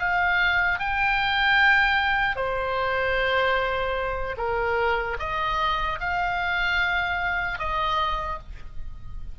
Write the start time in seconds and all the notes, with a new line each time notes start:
0.00 F5
0.80 G5
2.36 C5
4.37 A#4
5.20 D#5
6.01 F5
7.59 D#5